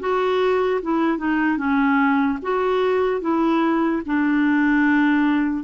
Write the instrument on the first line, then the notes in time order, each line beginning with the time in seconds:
clarinet
0.00 F#4
0.82 E4
1.18 D#4
1.57 C#4
2.42 F#4
3.21 E4
4.06 D4